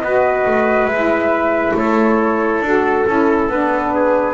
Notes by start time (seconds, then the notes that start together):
0.00 B3 F#4 B4 D#5
0.46 A3
0.86 G#3 E5
0.94 E4
1.74 A3 A4 C#5
2.61 D4 F#4 A4
3.08 C#4 E4
3.49 B3 D4 B4
3.95 G#4